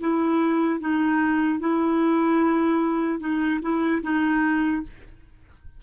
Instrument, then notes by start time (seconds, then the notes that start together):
clarinet
0.00 E4
0.80 D#4
1.60 E4
3.20 D#4
3.62 E4
4.03 D#4